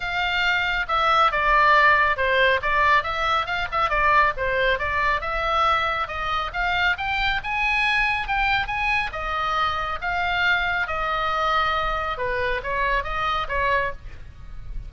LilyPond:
\new Staff \with { instrumentName = "oboe" } { \time 4/4 \tempo 4 = 138 f''2 e''4 d''4~ | d''4 c''4 d''4 e''4 | f''8 e''8 d''4 c''4 d''4 | e''2 dis''4 f''4 |
g''4 gis''2 g''4 | gis''4 dis''2 f''4~ | f''4 dis''2. | b'4 cis''4 dis''4 cis''4 | }